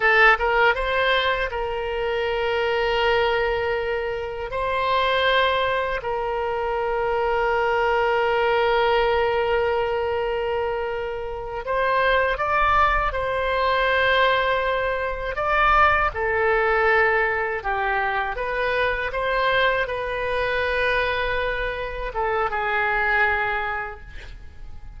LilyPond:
\new Staff \with { instrumentName = "oboe" } { \time 4/4 \tempo 4 = 80 a'8 ais'8 c''4 ais'2~ | ais'2 c''2 | ais'1~ | ais'2.~ ais'8 c''8~ |
c''8 d''4 c''2~ c''8~ | c''8 d''4 a'2 g'8~ | g'8 b'4 c''4 b'4.~ | b'4. a'8 gis'2 | }